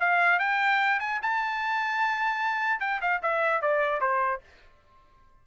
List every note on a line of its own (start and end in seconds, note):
0.00 0.40 F5
0.40 1.00 G5
1.00 1.20 G#5
1.22 2.80 A5
2.80 3.00 G5
3.01 3.21 F5
3.23 3.62 E5
3.62 4.01 D5
4.01 4.41 C5